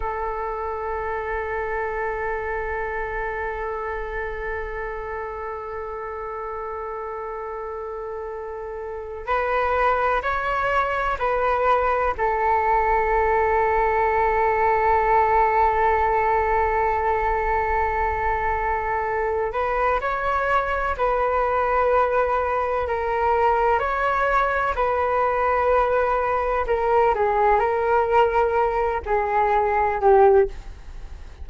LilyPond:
\new Staff \with { instrumentName = "flute" } { \time 4/4 \tempo 4 = 63 a'1~ | a'1~ | a'4.~ a'16 b'4 cis''4 b'16~ | b'8. a'2.~ a'16~ |
a'1~ | a'8 b'8 cis''4 b'2 | ais'4 cis''4 b'2 | ais'8 gis'8 ais'4. gis'4 g'8 | }